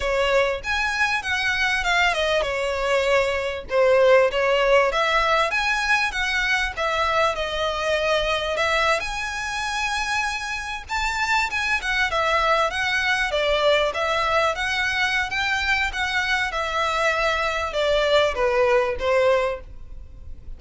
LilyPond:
\new Staff \with { instrumentName = "violin" } { \time 4/4 \tempo 4 = 98 cis''4 gis''4 fis''4 f''8 dis''8 | cis''2 c''4 cis''4 | e''4 gis''4 fis''4 e''4 | dis''2 e''8. gis''4~ gis''16~ |
gis''4.~ gis''16 a''4 gis''8 fis''8 e''16~ | e''8. fis''4 d''4 e''4 fis''16~ | fis''4 g''4 fis''4 e''4~ | e''4 d''4 b'4 c''4 | }